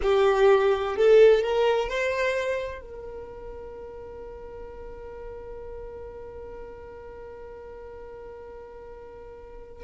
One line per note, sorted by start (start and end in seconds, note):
0.02 0.96 G4
0.96 1.42 A4
1.42 1.88 A#4
1.88 2.81 C5
2.81 9.84 A#4